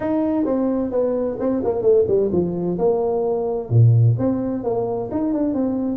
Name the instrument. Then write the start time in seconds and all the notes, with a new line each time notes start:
tuba
0.00 D#4
0.45 C4
0.91 B3
1.39 C4
1.63 A#3
1.81 A3
2.07 G3
2.32 F3
2.78 A#3
3.69 A#2
4.18 C4
4.63 A#3
5.11 D#4
5.33 D4
5.54 C4